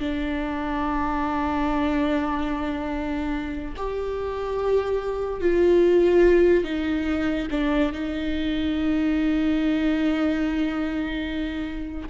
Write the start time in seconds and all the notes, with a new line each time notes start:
0.00 D4
3.77 G4
5.41 F4
6.64 D#4
7.52 D4
7.93 D#4